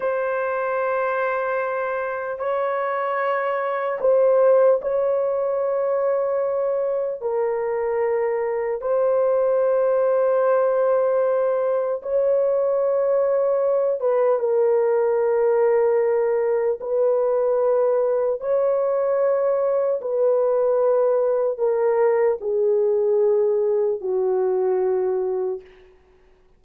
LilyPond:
\new Staff \with { instrumentName = "horn" } { \time 4/4 \tempo 4 = 75 c''2. cis''4~ | cis''4 c''4 cis''2~ | cis''4 ais'2 c''4~ | c''2. cis''4~ |
cis''4. b'8 ais'2~ | ais'4 b'2 cis''4~ | cis''4 b'2 ais'4 | gis'2 fis'2 | }